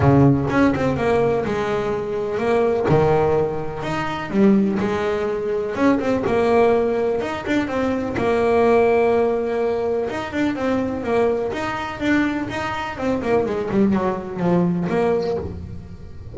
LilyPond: \new Staff \with { instrumentName = "double bass" } { \time 4/4 \tempo 4 = 125 cis4 cis'8 c'8 ais4 gis4~ | gis4 ais4 dis2 | dis'4 g4 gis2 | cis'8 c'8 ais2 dis'8 d'8 |
c'4 ais2.~ | ais4 dis'8 d'8 c'4 ais4 | dis'4 d'4 dis'4 c'8 ais8 | gis8 g8 fis4 f4 ais4 | }